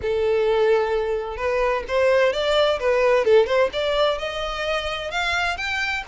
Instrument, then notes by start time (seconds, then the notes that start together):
violin
0.02 A4
1.37 B4
1.88 C5
2.33 D5
2.79 B4
3.24 A4
3.46 C5
3.73 D5
4.18 D#5
5.10 F5
5.57 G5